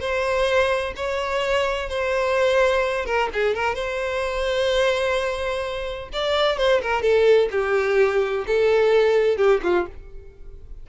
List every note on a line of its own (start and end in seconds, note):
0.00 0.94 C5
0.96 1.89 C#5
1.89 3.06 C5
3.06 3.29 A#4
3.33 3.54 G#4
3.54 3.75 A#4
3.75 6.09 C5
6.13 6.58 D5
6.58 6.81 C5
6.82 7.02 A#4
7.02 7.49 A4
7.51 8.45 G4
8.47 9.37 A4
9.37 9.61 G4
9.63 9.87 F4